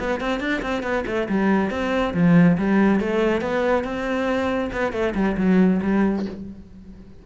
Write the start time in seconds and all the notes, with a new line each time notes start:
0.00 B3
0.21 C4
0.41 D4
0.63 C4
0.83 B3
1.07 A3
1.29 G3
1.71 C4
2.15 F3
2.58 G3
3.00 A3
3.41 B3
3.85 C4
4.73 B3
4.93 A3
5.15 G3
5.38 F#3
5.83 G3